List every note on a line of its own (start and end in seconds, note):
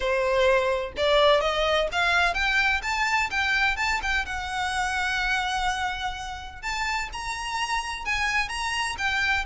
0.00 0.92 C5
0.96 1.40 D5
1.40 1.88 D#5
1.92 2.34 F5
2.34 2.81 G5
2.82 3.29 A5
3.30 3.76 G5
3.76 4.00 A5
4.02 4.25 G5
4.25 6.61 F#5
6.62 7.09 A5
7.12 8.05 A#5
8.05 8.48 G#5
8.48 8.95 A#5
8.97 9.45 G5